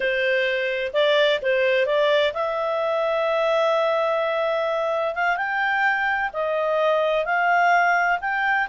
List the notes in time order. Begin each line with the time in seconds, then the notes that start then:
0.00 C5
0.93 D5
1.42 C5
1.86 D5
2.33 E5
5.14 F5
5.37 G5
6.33 D#5
7.25 F5
8.20 G5